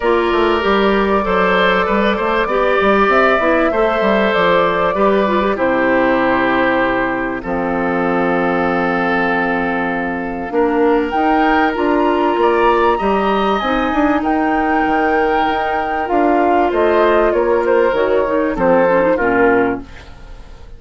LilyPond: <<
  \new Staff \with { instrumentName = "flute" } { \time 4/4 \tempo 4 = 97 d''1~ | d''4 e''2 d''4~ | d''4 c''2. | f''1~ |
f''2 g''4 ais''4~ | ais''2 gis''4 g''4~ | g''2 f''4 dis''4 | cis''8 c''8 cis''4 c''4 ais'4 | }
  \new Staff \with { instrumentName = "oboe" } { \time 4/4 ais'2 c''4 b'8 c''8 | d''2 c''2 | b'4 g'2. | a'1~ |
a'4 ais'2. | d''4 dis''2 ais'4~ | ais'2. c''4 | ais'2 a'4 f'4 | }
  \new Staff \with { instrumentName = "clarinet" } { \time 4/4 f'4 g'4 a'2 | g'4. e'8 a'2 | g'8 f'16 g'16 e'2. | c'1~ |
c'4 d'4 dis'4 f'4~ | f'4 g'4 dis'2~ | dis'2 f'2~ | f'4 fis'8 dis'8 c'8 cis'16 dis'16 cis'4 | }
  \new Staff \with { instrumentName = "bassoon" } { \time 4/4 ais8 a8 g4 fis4 g8 a8 | b8 g8 c'8 b8 a8 g8 f4 | g4 c2. | f1~ |
f4 ais4 dis'4 d'4 | ais4 g4 c'8 d'8 dis'4 | dis4 dis'4 d'4 a4 | ais4 dis4 f4 ais,4 | }
>>